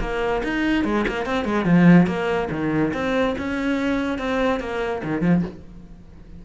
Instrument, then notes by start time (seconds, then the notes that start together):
cello
0.00 A#3
0.43 D#4
0.84 G#3
1.08 A#3
1.25 C4
1.45 G#3
1.65 F3
2.06 A#3
2.51 D#3
2.93 C4
3.38 C#4
4.18 C4
4.59 A#3
5.04 D#3
5.21 F3